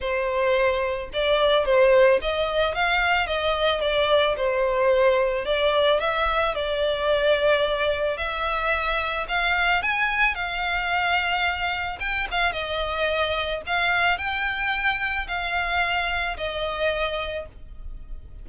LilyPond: \new Staff \with { instrumentName = "violin" } { \time 4/4 \tempo 4 = 110 c''2 d''4 c''4 | dis''4 f''4 dis''4 d''4 | c''2 d''4 e''4 | d''2. e''4~ |
e''4 f''4 gis''4 f''4~ | f''2 g''8 f''8 dis''4~ | dis''4 f''4 g''2 | f''2 dis''2 | }